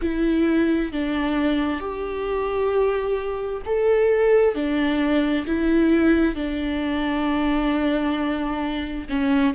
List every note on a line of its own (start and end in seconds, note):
0.01 0.92 E4
0.92 1.80 D4
1.80 3.62 G4
3.65 4.55 A4
4.55 5.45 D4
5.46 6.35 E4
6.35 9.07 D4
9.09 9.54 C#4